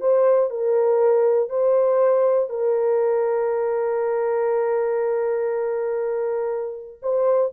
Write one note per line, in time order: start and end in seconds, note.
0.00 0.50 C5
0.50 1.49 A#4
1.49 2.49 C5
2.49 6.99 A#4
7.02 7.52 C5